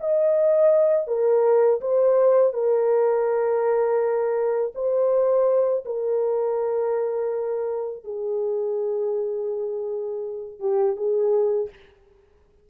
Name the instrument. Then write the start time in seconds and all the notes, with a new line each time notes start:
horn
0.00 D#5
1.07 A#4
1.81 C5
2.53 A#4
4.75 C5
5.85 A#4
8.04 G#4
10.60 G4
10.96 G#4